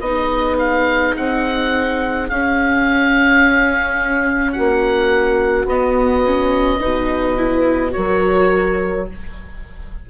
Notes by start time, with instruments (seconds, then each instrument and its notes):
0.00 bassoon B3, viola D#4, horn G#4, oboe D#5
0.59 oboe F5
1.16 bassoon C4, oboe F#5
2.29 bassoon C#4, viola C#4, oboe F5
4.52 bassoon A#3, horn F#4, oboe F#5
5.65 bassoon B3, viola B3, oboe D#5
6.25 viola C#4
6.79 bassoon B2, viola D#4, horn B4
7.37 viola E4
7.91 bassoon F#3, viola F#4, horn A#4, oboe C#5